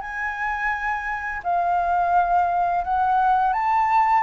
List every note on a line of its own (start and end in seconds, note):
0.00 1.41 G#5
1.43 2.84 F5
2.84 3.52 F#5
3.52 4.23 A5